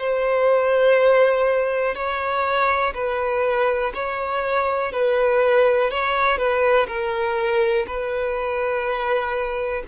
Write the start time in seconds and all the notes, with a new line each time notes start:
0.00 C5
1.95 C#5
2.95 B4
3.94 C#5
4.93 B4
5.91 C#5
6.38 B4
6.88 A#4
7.87 B4